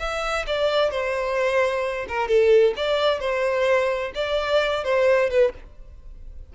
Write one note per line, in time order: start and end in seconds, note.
0.00 0.46 E5
0.47 0.91 D5
0.91 2.07 C5
2.09 2.28 A#4
2.28 2.75 A4
2.77 3.20 D5
3.20 4.13 C5
4.15 4.84 D5
4.85 5.31 C5
5.31 5.54 B4